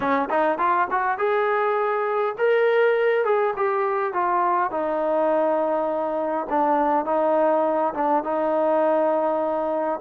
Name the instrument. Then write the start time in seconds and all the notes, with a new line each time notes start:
trombone
0.00 C#4
0.29 D#4
0.58 F4
0.91 F#4
1.17 G#4
2.37 A#4
3.24 G#4
3.56 G4
4.13 F4
4.70 D#4
6.49 D4
7.05 D#4
7.94 D4
8.23 D#4